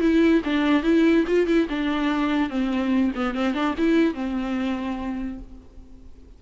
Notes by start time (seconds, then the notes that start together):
0.00 E4
0.44 D4
0.83 E4
1.27 F4
1.47 E4
1.69 D4
2.49 C4
3.15 B3
3.34 C4
3.54 D4
3.77 E4
4.14 C4